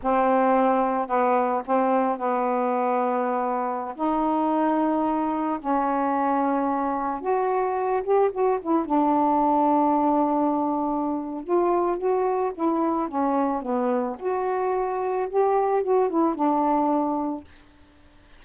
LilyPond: \new Staff \with { instrumentName = "saxophone" } { \time 4/4 \tempo 4 = 110 c'2 b4 c'4 | b2.~ b16 dis'8.~ | dis'2~ dis'16 cis'4.~ cis'16~ | cis'4~ cis'16 fis'4. g'8 fis'8 e'16~ |
e'16 d'2.~ d'8.~ | d'4 f'4 fis'4 e'4 | cis'4 b4 fis'2 | g'4 fis'8 e'8 d'2 | }